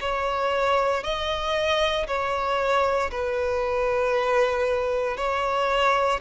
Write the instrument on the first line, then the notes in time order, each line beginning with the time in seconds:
violin
0.00 C#5
1.03 D#5
2.07 C#5
3.11 B4
5.17 C#5